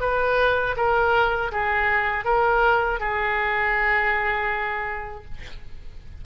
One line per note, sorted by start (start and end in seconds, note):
0.00 0.75 B4
0.76 1.51 A#4
1.52 2.24 G#4
2.24 2.99 A#4
2.99 5.24 G#4